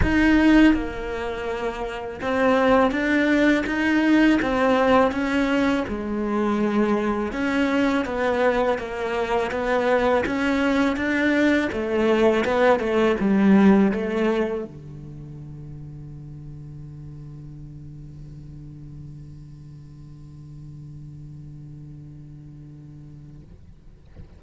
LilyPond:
\new Staff \with { instrumentName = "cello" } { \time 4/4 \tempo 4 = 82 dis'4 ais2 c'4 | d'4 dis'4 c'4 cis'4 | gis2 cis'4 b4 | ais4 b4 cis'4 d'4 |
a4 b8 a8 g4 a4 | d1~ | d1~ | d1 | }